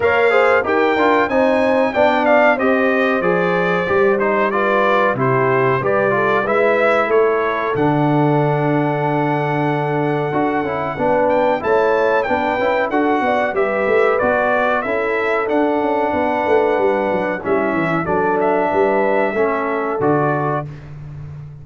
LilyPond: <<
  \new Staff \with { instrumentName = "trumpet" } { \time 4/4 \tempo 4 = 93 f''4 g''4 gis''4 g''8 f''8 | dis''4 d''4. c''8 d''4 | c''4 d''4 e''4 cis''4 | fis''1~ |
fis''4. g''8 a''4 g''4 | fis''4 e''4 d''4 e''4 | fis''2. e''4 | d''8 e''2~ e''8 d''4 | }
  \new Staff \with { instrumentName = "horn" } { \time 4/4 cis''8 c''8 ais'4 c''4 d''4 | c''2. b'4 | g'4 b'8 a'8 b'4 a'4~ | a'1~ |
a'4 b'4 cis''4 b'4 | a'8 d''8 b'2 a'4~ | a'4 b'2 e'4 | a'4 b'4 a'2 | }
  \new Staff \with { instrumentName = "trombone" } { \time 4/4 ais'8 gis'8 g'8 f'8 dis'4 d'4 | g'4 gis'4 g'8 dis'8 f'4 | e'4 g'8 f'8 e'2 | d'1 |
fis'8 e'8 d'4 e'4 d'8 e'8 | fis'4 g'4 fis'4 e'4 | d'2. cis'4 | d'2 cis'4 fis'4 | }
  \new Staff \with { instrumentName = "tuba" } { \time 4/4 ais4 dis'8 d'8 c'4 b4 | c'4 f4 g2 | c4 g4 gis4 a4 | d1 |
d'8 cis'8 b4 a4 b8 cis'8 | d'8 b8 g8 a8 b4 cis'4 | d'8 cis'8 b8 a8 g8 fis8 g8 e8 | fis4 g4 a4 d4 | }
>>